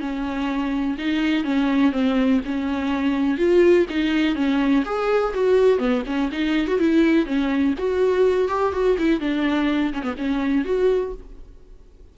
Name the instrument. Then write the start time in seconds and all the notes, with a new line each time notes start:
viola
0.00 C#4
0.98 D#4
1.44 C#4
1.92 C4
2.45 C#4
3.38 F4
3.89 D#4
4.35 C#4
4.84 G#4
5.33 F#4
5.78 B3
6.05 C#4
6.31 D#4
6.67 F#4
6.79 E4
7.25 C#4
7.78 F#4
8.48 G4
8.72 F#4
8.98 E4
9.20 D4
9.93 C#4
10.02 B3
10.17 C#4
10.64 F#4